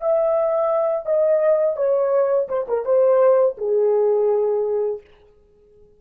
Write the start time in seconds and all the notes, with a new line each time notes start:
0.00 E5
1.05 D#5
1.76 C#5
2.48 C5
2.68 A#4
2.85 C5
3.57 G#4